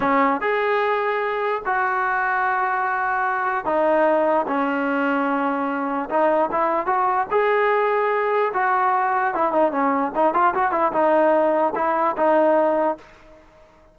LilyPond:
\new Staff \with { instrumentName = "trombone" } { \time 4/4 \tempo 4 = 148 cis'4 gis'2. | fis'1~ | fis'4 dis'2 cis'4~ | cis'2. dis'4 |
e'4 fis'4 gis'2~ | gis'4 fis'2 e'8 dis'8 | cis'4 dis'8 f'8 fis'8 e'8 dis'4~ | dis'4 e'4 dis'2 | }